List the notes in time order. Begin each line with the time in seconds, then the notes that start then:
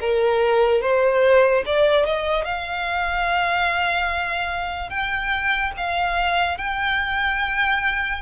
0.00 A#4
0.81 C5
1.66 D5
2.06 D#5
2.45 F5
4.90 G5
5.77 F5
6.58 G5